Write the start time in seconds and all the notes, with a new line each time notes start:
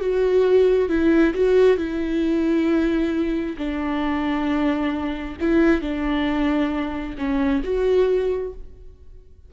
0.00 F#4
0.89 E4
1.34 F#4
1.77 E4
3.57 D4
5.40 E4
5.81 D4
7.18 C#4
7.63 F#4